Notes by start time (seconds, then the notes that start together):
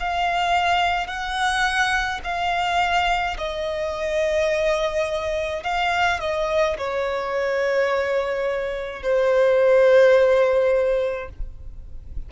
0.00 F5
1.07 F#5
2.24 F5
3.38 D#5
5.63 F5
6.21 D#5
6.78 C#5
9.03 C5